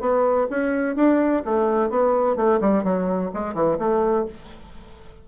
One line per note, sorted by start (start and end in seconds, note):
0.00 0.47 B3
0.50 0.96 C#4
0.96 1.43 D4
1.45 1.90 A3
1.90 2.36 B3
2.36 2.60 A3
2.60 2.83 G3
2.83 3.31 F#3
3.33 3.54 G#3
3.54 3.78 E3
3.78 4.25 A3